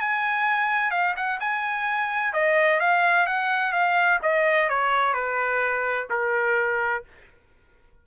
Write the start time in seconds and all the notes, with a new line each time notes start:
0.00 G#5
0.91 F5
1.16 F#5
1.40 G#5
2.33 D#5
2.80 F5
3.26 F#5
3.72 F5
4.22 D#5
4.69 C#5
5.14 B4
6.10 A#4